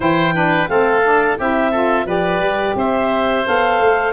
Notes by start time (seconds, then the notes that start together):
0.00 E3 E4 C5 G5
0.34 D4 B4
0.67 A3 C4 A4 F5
1.03 D4
1.38 C4 E4 G4 E5
1.71 F4 A4
2.05 F3 G4 B4 D5
2.39 G3
2.75 C4 C5 E5
3.45 B3 A4 F5
3.79 A3